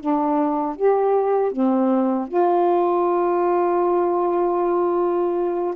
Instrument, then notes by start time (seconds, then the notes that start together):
saxophone
0.00 D4
0.76 G4
1.51 C4
2.28 F4